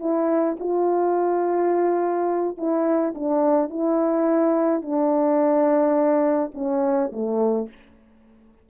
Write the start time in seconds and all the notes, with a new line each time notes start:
0.00 E4
0.59 F4
2.58 E4
3.15 D4
3.70 E4
4.82 D4
6.55 C#4
7.12 A3